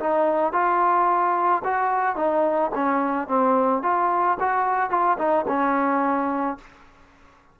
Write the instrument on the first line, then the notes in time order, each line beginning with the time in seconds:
trombone
0.00 D#4
0.53 F4
1.64 F#4
2.16 D#4
2.75 C#4
3.28 C4
3.83 F4
4.40 F#4
4.90 F4
5.18 D#4
5.48 C#4